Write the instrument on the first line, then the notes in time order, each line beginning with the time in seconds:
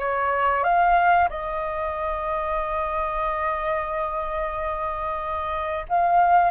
flute
0.00 C#5
0.64 F5
1.30 D#5
5.89 F5